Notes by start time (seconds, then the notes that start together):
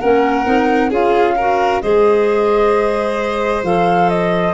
0.00 A#3 C#4 A#4 F#5
0.45 C4 D#4
0.90 C#4 F4 G#4 F5
1.37 F#4 A#4
1.82 G#3 G#4 C5 D#5
3.63 F3 A4 F5
4.09 D#5